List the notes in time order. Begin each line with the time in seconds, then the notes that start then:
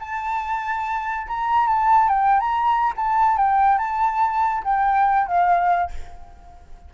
0.00 A5
1.28 A#5
1.68 A5
2.09 G5
2.40 A#5
2.97 A5
3.37 G5
3.79 A5
4.64 G5
5.27 F5